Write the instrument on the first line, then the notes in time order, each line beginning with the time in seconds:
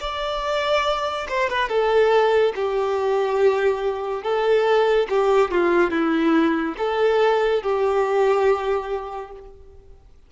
violin
0.00 D5
1.29 C5
1.49 B4
1.68 A4
2.55 G4
4.23 A4
5.09 G4
5.51 F4
5.90 E4
6.78 A4
7.62 G4